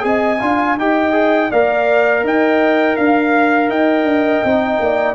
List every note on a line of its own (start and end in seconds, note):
0.00 0.41 C4
0.00 0.37 G#4
0.00 0.39 D#5
0.00 0.77 G#5
0.39 0.77 D4
0.39 0.78 F4
0.39 0.76 F5
0.77 1.50 D#4
0.77 1.12 G4
0.77 1.50 D#5
0.77 1.51 G5
1.12 1.49 G#4
1.50 2.23 A#3
1.50 4.46 A#4
1.50 2.23 D5
1.50 2.24 F5
2.23 2.96 D#4
2.23 2.96 D#5
2.23 2.96 G5
2.96 3.69 D4
2.96 3.69 F5
2.96 3.70 F5
3.69 4.03 D#4
3.69 4.79 D#5
3.69 5.15 G5
4.03 4.40 D4
4.44 4.79 C4
4.44 5.15 D#4
4.79 5.15 A#3
4.79 5.15 D5